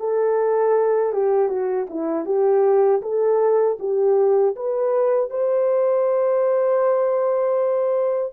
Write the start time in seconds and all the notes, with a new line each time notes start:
0.00 A4
1.13 G4
1.49 F#4
1.90 E4
2.26 G4
3.02 A4
3.80 G4
4.56 B4
5.31 C5